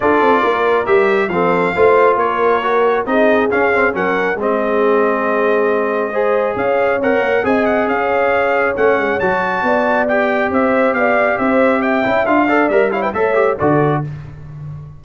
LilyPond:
<<
  \new Staff \with { instrumentName = "trumpet" } { \time 4/4 \tempo 4 = 137 d''2 e''4 f''4~ | f''4 cis''2 dis''4 | f''4 fis''4 dis''2~ | dis''2. f''4 |
fis''4 gis''8 fis''8 f''2 | fis''4 a''2 g''4 | e''4 f''4 e''4 g''4 | f''4 e''8 f''16 g''16 e''4 d''4 | }
  \new Staff \with { instrumentName = "horn" } { \time 4/4 a'4 ais'2 a'4 | c''4 ais'2 gis'4~ | gis'4 ais'4 gis'2~ | gis'2 c''4 cis''4~ |
cis''4 dis''4 cis''2~ | cis''2 d''2 | c''4 d''4 c''4 e''4~ | e''8 d''4 cis''16 b'16 cis''4 a'4 | }
  \new Staff \with { instrumentName = "trombone" } { \time 4/4 f'2 g'4 c'4 | f'2 fis'4 dis'4 | cis'8 c'8 cis'4 c'2~ | c'2 gis'2 |
ais'4 gis'2. | cis'4 fis'2 g'4~ | g'2.~ g'8 e'8 | f'8 a'8 ais'8 e'8 a'8 g'8 fis'4 | }
  \new Staff \with { instrumentName = "tuba" } { \time 4/4 d'8 c'8 ais4 g4 f4 | a4 ais2 c'4 | cis'4 fis4 gis2~ | gis2. cis'4 |
c'8 ais8 c'4 cis'2 | a8 gis8 fis4 b2 | c'4 b4 c'4. cis'8 | d'4 g4 a4 d4 | }
>>